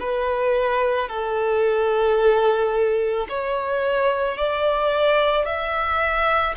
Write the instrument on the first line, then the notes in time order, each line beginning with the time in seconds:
violin
0.00 B4
1.09 A4
3.29 C#5
4.38 D5
5.46 E5